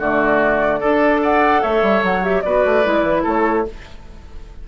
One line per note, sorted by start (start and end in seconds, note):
0.00 0.81 D3
0.00 0.81 A3
0.00 0.80 F#4
0.00 1.22 D5
0.80 1.64 D4
0.80 1.21 A4
0.80 2.23 A4
1.22 1.62 D5
1.22 1.63 F#5
1.62 1.82 A3
1.62 2.43 C#5
1.62 2.03 E5
1.82 2.03 G3
2.03 2.43 F#3
2.03 2.24 F#5
2.23 2.43 G4
2.23 2.42 E5
2.42 2.65 B3
2.42 2.84 F#4
2.42 3.23 B4
2.42 3.23 D5
2.65 2.86 A3
2.84 3.03 G#3
2.84 3.65 E4
3.03 3.23 E3
3.23 3.67 A3
3.23 3.64 A4
3.23 3.68 C#5